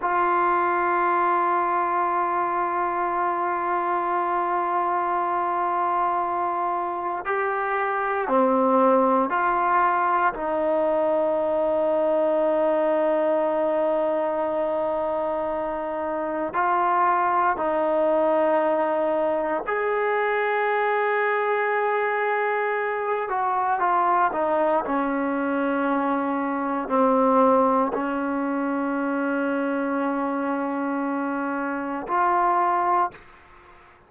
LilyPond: \new Staff \with { instrumentName = "trombone" } { \time 4/4 \tempo 4 = 58 f'1~ | f'2. g'4 | c'4 f'4 dis'2~ | dis'1 |
f'4 dis'2 gis'4~ | gis'2~ gis'8 fis'8 f'8 dis'8 | cis'2 c'4 cis'4~ | cis'2. f'4 | }